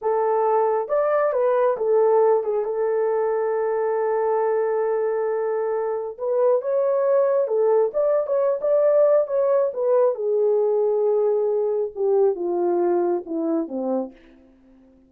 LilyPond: \new Staff \with { instrumentName = "horn" } { \time 4/4 \tempo 4 = 136 a'2 d''4 b'4 | a'4. gis'8 a'2~ | a'1~ | a'2 b'4 cis''4~ |
cis''4 a'4 d''8. cis''8. d''8~ | d''4 cis''4 b'4 gis'4~ | gis'2. g'4 | f'2 e'4 c'4 | }